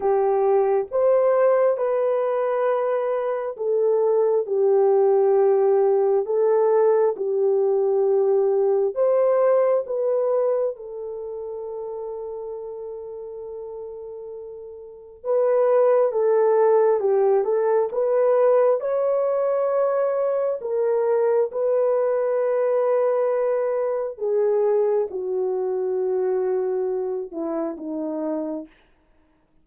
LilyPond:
\new Staff \with { instrumentName = "horn" } { \time 4/4 \tempo 4 = 67 g'4 c''4 b'2 | a'4 g'2 a'4 | g'2 c''4 b'4 | a'1~ |
a'4 b'4 a'4 g'8 a'8 | b'4 cis''2 ais'4 | b'2. gis'4 | fis'2~ fis'8 e'8 dis'4 | }